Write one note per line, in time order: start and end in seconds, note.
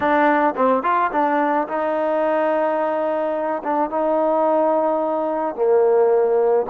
0.00 0.54 D4
0.56 0.83 C4
0.83 1.10 F4
1.11 1.67 D4
1.68 3.62 D#4
3.63 3.90 D4
3.90 5.55 D#4
5.55 6.66 A#3